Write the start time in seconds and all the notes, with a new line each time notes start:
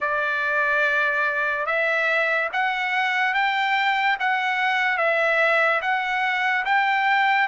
0.00 D5
1.66 E5
2.52 F#5
3.33 G5
4.19 F#5
4.97 E5
5.81 F#5
6.65 G5